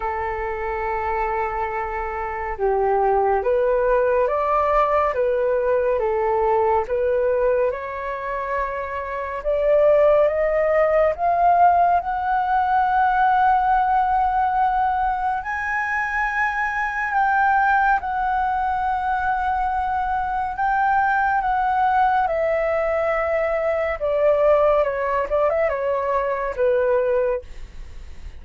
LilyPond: \new Staff \with { instrumentName = "flute" } { \time 4/4 \tempo 4 = 70 a'2. g'4 | b'4 d''4 b'4 a'4 | b'4 cis''2 d''4 | dis''4 f''4 fis''2~ |
fis''2 gis''2 | g''4 fis''2. | g''4 fis''4 e''2 | d''4 cis''8 d''16 e''16 cis''4 b'4 | }